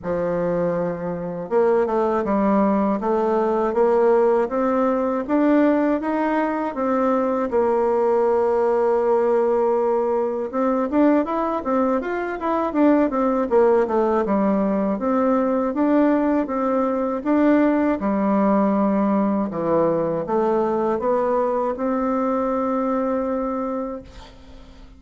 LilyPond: \new Staff \with { instrumentName = "bassoon" } { \time 4/4 \tempo 4 = 80 f2 ais8 a8 g4 | a4 ais4 c'4 d'4 | dis'4 c'4 ais2~ | ais2 c'8 d'8 e'8 c'8 |
f'8 e'8 d'8 c'8 ais8 a8 g4 | c'4 d'4 c'4 d'4 | g2 e4 a4 | b4 c'2. | }